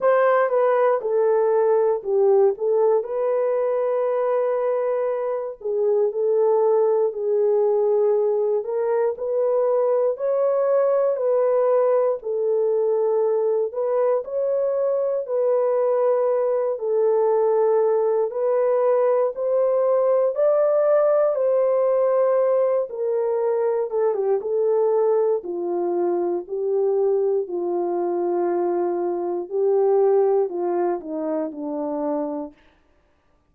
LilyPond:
\new Staff \with { instrumentName = "horn" } { \time 4/4 \tempo 4 = 59 c''8 b'8 a'4 g'8 a'8 b'4~ | b'4. gis'8 a'4 gis'4~ | gis'8 ais'8 b'4 cis''4 b'4 | a'4. b'8 cis''4 b'4~ |
b'8 a'4. b'4 c''4 | d''4 c''4. ais'4 a'16 g'16 | a'4 f'4 g'4 f'4~ | f'4 g'4 f'8 dis'8 d'4 | }